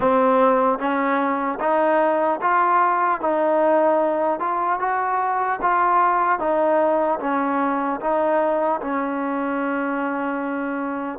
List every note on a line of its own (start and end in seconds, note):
0.00 0.78 C4
0.78 1.58 C#4
1.60 2.40 D#4
2.41 3.20 F4
3.20 4.39 D#4
4.39 4.79 F4
4.79 5.59 F#4
5.61 6.39 F4
6.39 7.19 D#4
7.20 8.00 C#4
8.00 8.80 D#4
8.80 11.19 C#4